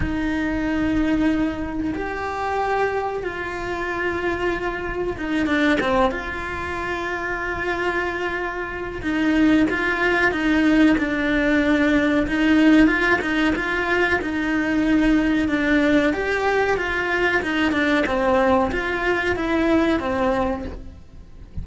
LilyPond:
\new Staff \with { instrumentName = "cello" } { \time 4/4 \tempo 4 = 93 dis'2. g'4~ | g'4 f'2. | dis'8 d'8 c'8 f'2~ f'8~ | f'2 dis'4 f'4 |
dis'4 d'2 dis'4 | f'8 dis'8 f'4 dis'2 | d'4 g'4 f'4 dis'8 d'8 | c'4 f'4 e'4 c'4 | }